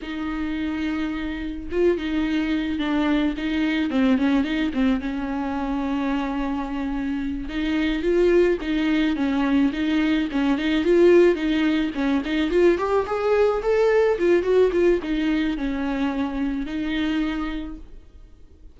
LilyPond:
\new Staff \with { instrumentName = "viola" } { \time 4/4 \tempo 4 = 108 dis'2. f'8 dis'8~ | dis'4 d'4 dis'4 c'8 cis'8 | dis'8 c'8 cis'2.~ | cis'4. dis'4 f'4 dis'8~ |
dis'8 cis'4 dis'4 cis'8 dis'8 f'8~ | f'8 dis'4 cis'8 dis'8 f'8 g'8 gis'8~ | gis'8 a'4 f'8 fis'8 f'8 dis'4 | cis'2 dis'2 | }